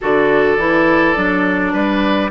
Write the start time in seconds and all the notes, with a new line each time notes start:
0.01 D3 F#4 A4 D5
0.57 E3 E4
1.15 F#3 D4
1.72 G3 B4